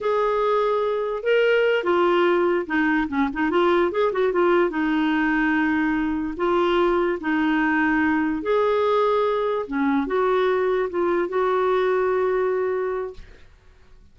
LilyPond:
\new Staff \with { instrumentName = "clarinet" } { \time 4/4 \tempo 4 = 146 gis'2. ais'4~ | ais'8 f'2 dis'4 cis'8 | dis'8 f'4 gis'8 fis'8 f'4 dis'8~ | dis'2.~ dis'8 f'8~ |
f'4. dis'2~ dis'8~ | dis'8 gis'2. cis'8~ | cis'8 fis'2 f'4 fis'8~ | fis'1 | }